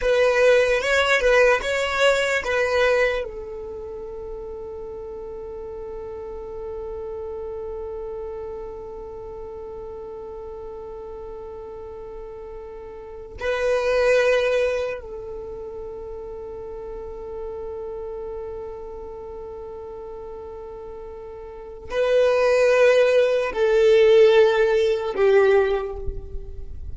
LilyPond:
\new Staff \with { instrumentName = "violin" } { \time 4/4 \tempo 4 = 74 b'4 cis''8 b'8 cis''4 b'4 | a'1~ | a'1~ | a'1~ |
a'8 b'2 a'4.~ | a'1~ | a'2. b'4~ | b'4 a'2 g'4 | }